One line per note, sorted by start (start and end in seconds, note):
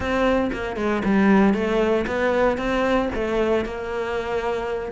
0.00 0.51 C4
0.52 0.76 A#3
0.76 1.02 G#3
1.04 1.54 G3
1.54 2.05 A3
2.06 2.57 B3
2.57 3.09 C4
3.14 3.65 A3
3.65 4.91 A#3